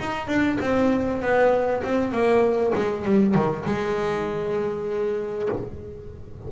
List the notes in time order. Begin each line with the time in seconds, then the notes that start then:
0.00 D#4
0.28 D4
0.61 C4
1.22 B3
1.84 C4
2.12 A#3
2.76 G#3
3.05 G3
3.35 D#3
3.66 G#3